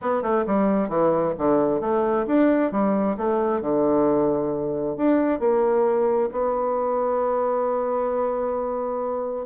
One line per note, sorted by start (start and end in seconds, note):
0.01 0.22 B3
0.22 0.44 A3
0.46 0.88 G3
0.88 1.33 E3
1.38 1.80 D3
1.80 2.26 A3
2.26 2.71 D4
2.71 3.16 G3
3.17 3.61 A3
3.61 4.96 D3
4.96 5.39 D4
5.39 6.29 A#3
6.31 9.46 B3